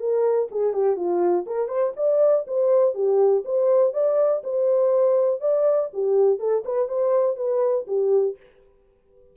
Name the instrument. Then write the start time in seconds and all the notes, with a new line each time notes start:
horn
0.00 A#4
0.51 G#4
0.73 G4
0.96 F4
1.47 A#4
1.68 C5
1.97 D5
2.47 C5
2.94 G4
3.45 C5
3.93 D5
4.44 C5
5.41 D5
5.93 G4
6.39 A4
6.65 B4
6.89 C5
7.37 B4
7.88 G4